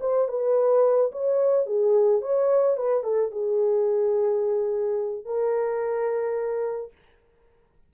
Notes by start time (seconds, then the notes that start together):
0.00 C5
0.28 B4
1.12 C#5
1.66 G#4
2.21 C#5
2.77 B4
3.03 A4
3.31 G#4
5.25 A#4